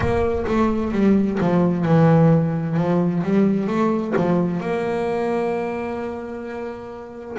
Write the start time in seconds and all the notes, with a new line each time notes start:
0.00 A#3
0.47 A3
0.92 G3
1.40 F3
1.85 E3
2.77 F3
3.23 G3
3.67 A3
4.16 F3
4.60 A#3